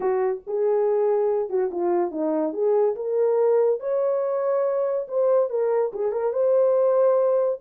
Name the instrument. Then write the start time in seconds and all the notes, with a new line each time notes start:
horn
0.00 F#4
0.46 G#4
1.49 F#4
1.71 F4
2.11 D#4
2.53 G#4
2.95 A#4
3.80 C#5
5.08 C5
5.49 A#4
5.93 G#4
6.12 A#4
6.32 C5